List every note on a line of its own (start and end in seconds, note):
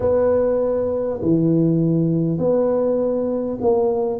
0.00 1.20 B3
1.22 2.38 E3
2.38 3.58 B3
3.61 4.19 A#3